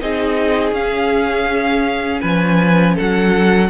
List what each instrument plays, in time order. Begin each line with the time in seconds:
0.00 cello C4, viola D#4, violin G#4 D#5
0.72 cello C#4, viola C#4, violin F5
2.21 cello F3, violin B4 G#5
2.95 cello F#3, violin A4 F#5